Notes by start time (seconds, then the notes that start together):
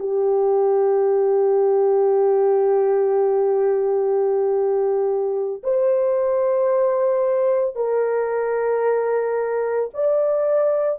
0.00 G4
5.64 C5
7.76 A#4
9.94 D5